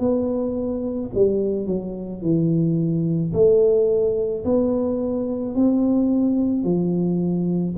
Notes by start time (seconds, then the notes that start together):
0.00 B3
1.15 G3
1.67 F#3
2.22 E3
3.33 A3
4.45 B3
5.56 C4
6.64 F3